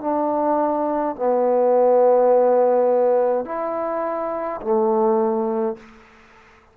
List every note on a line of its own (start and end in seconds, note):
0.00 1.15 D4
1.15 3.45 B3
3.45 4.60 E4
4.61 5.76 A3